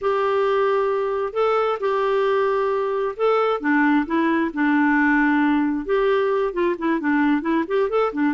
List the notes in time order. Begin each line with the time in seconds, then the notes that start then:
0.01 G4
1.33 A4
1.80 G4
3.16 A4
3.60 D4
4.06 E4
4.53 D4
5.85 G4
6.53 F4
6.78 E4
6.99 D4
7.41 E4
7.67 G4
7.89 A4
8.13 D4